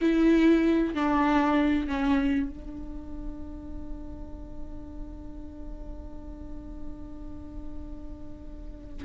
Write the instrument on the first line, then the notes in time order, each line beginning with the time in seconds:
viola
0.01 E4
0.94 D4
1.87 C#4
2.49 D4